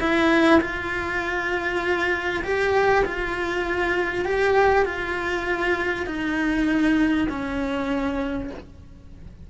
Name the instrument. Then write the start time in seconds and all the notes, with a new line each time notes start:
cello
0.00 E4
0.61 F4
2.44 G4
3.05 F4
4.25 G4
4.85 F4
6.06 D#4
7.29 C#4